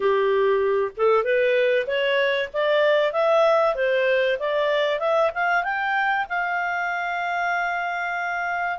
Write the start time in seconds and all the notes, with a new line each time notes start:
0.00 G4
0.96 A4
1.24 B4
1.86 C#5
2.53 D5
3.12 E5
3.75 C5
4.39 D5
4.99 E5
5.34 F5
5.63 G5
6.29 F5